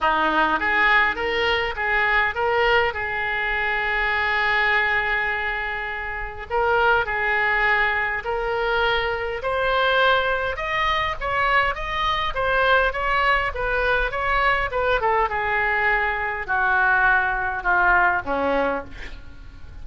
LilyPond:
\new Staff \with { instrumentName = "oboe" } { \time 4/4 \tempo 4 = 102 dis'4 gis'4 ais'4 gis'4 | ais'4 gis'2.~ | gis'2. ais'4 | gis'2 ais'2 |
c''2 dis''4 cis''4 | dis''4 c''4 cis''4 b'4 | cis''4 b'8 a'8 gis'2 | fis'2 f'4 cis'4 | }